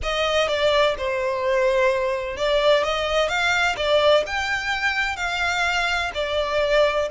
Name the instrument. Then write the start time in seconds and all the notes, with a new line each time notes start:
violin
0.02 D#5
0.48 D5
0.97 C5
2.36 D5
2.83 D#5
3.28 F5
3.76 D5
4.26 G5
5.16 F5
6.14 D5